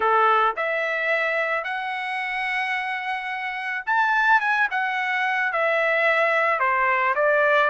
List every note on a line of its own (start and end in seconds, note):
0.00 0.55 A4
0.56 1.64 E5
1.64 3.84 F#5
3.85 4.40 A5
4.40 4.68 G#5
4.70 5.52 F#5
5.52 6.59 E5
6.59 7.14 C5
7.15 7.69 D5